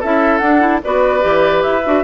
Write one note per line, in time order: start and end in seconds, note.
0.00 0.41 C#4
0.00 0.41 E4
0.00 0.81 A4
0.00 0.38 E5
0.38 0.81 D4
0.38 0.60 D4
0.38 0.79 F#5
0.60 0.80 E4
0.84 1.24 B3
0.84 1.21 F#4
0.84 2.04 B4
0.84 1.63 D5
1.21 1.65 E3
1.21 1.82 G4
1.63 1.86 E4
1.63 2.04 E5
1.85 2.04 D4
1.85 2.04 F#4